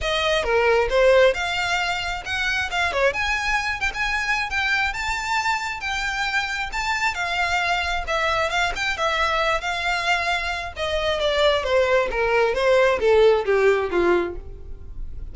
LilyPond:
\new Staff \with { instrumentName = "violin" } { \time 4/4 \tempo 4 = 134 dis''4 ais'4 c''4 f''4~ | f''4 fis''4 f''8 cis''8 gis''4~ | gis''8 g''16 gis''4~ gis''16 g''4 a''4~ | a''4 g''2 a''4 |
f''2 e''4 f''8 g''8 | e''4. f''2~ f''8 | dis''4 d''4 c''4 ais'4 | c''4 a'4 g'4 f'4 | }